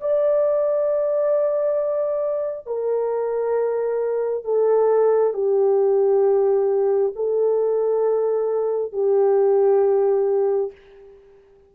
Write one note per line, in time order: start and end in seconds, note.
0.00 2.66 D5
2.66 4.44 A#4
4.44 5.33 A4
5.33 7.12 G4
7.16 8.92 A4
8.92 10.71 G4